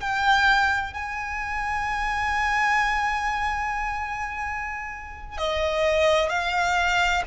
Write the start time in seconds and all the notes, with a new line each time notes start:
0.00 G5
0.93 G#5
5.38 D#5
6.29 F5